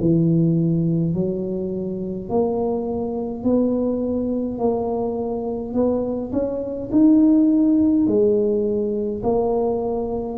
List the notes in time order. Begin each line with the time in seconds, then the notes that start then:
0.00 E3
1.13 F#3
2.29 A#3
3.44 B3
4.58 A#3
5.73 B3
6.32 C#4
6.91 D#4
8.06 G#3
9.23 A#3